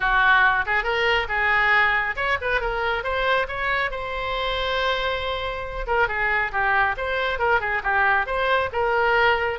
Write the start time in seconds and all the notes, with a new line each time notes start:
0.00 F#4
0.66 G#4
0.83 A#4
1.28 G#4
2.16 C#5
2.41 B4
2.60 A#4
3.03 C5
3.47 C#5
3.90 C5
5.87 A#4
6.08 G#4
6.52 G4
6.97 C5
7.39 A#4
7.60 G#4
7.83 G4
8.26 C5
8.72 A#4